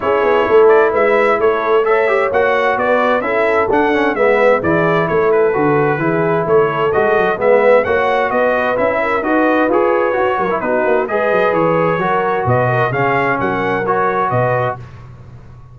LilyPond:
<<
  \new Staff \with { instrumentName = "trumpet" } { \time 4/4 \tempo 4 = 130 cis''4. d''8 e''4 cis''4 | e''4 fis''4 d''4 e''4 | fis''4 e''4 d''4 cis''8 b'8~ | b'2 cis''4 dis''4 |
e''4 fis''4 dis''4 e''4 | dis''4 cis''2 b'4 | dis''4 cis''2 dis''4 | f''4 fis''4 cis''4 dis''4 | }
  \new Staff \with { instrumentName = "horn" } { \time 4/4 gis'4 a'4 b'4 a'4 | cis''2 b'4 a'4~ | a'4 b'4 gis'4 a'4~ | a'4 gis'4 a'2 |
b'4 cis''4 b'4. ais'8 | b'2~ b'8 ais'8 fis'4 | b'2 ais'4 b'8 ais'8 | gis'4 ais'2 b'4 | }
  \new Staff \with { instrumentName = "trombone" } { \time 4/4 e'1 | a'8 g'8 fis'2 e'4 | d'8 cis'8 b4 e'2 | fis'4 e'2 fis'4 |
b4 fis'2 e'4 | fis'4 gis'4 fis'8. e'16 dis'4 | gis'2 fis'2 | cis'2 fis'2 | }
  \new Staff \with { instrumentName = "tuba" } { \time 4/4 cis'8 b8 a4 gis4 a4~ | a4 ais4 b4 cis'4 | d'4 gis4 e4 a4 | d4 e4 a4 gis8 fis8 |
gis4 ais4 b4 cis'4 | dis'4 f'4 fis'8 fis8 b8 ais8 | gis8 fis8 e4 fis4 b,4 | cis4 fis2 b,4 | }
>>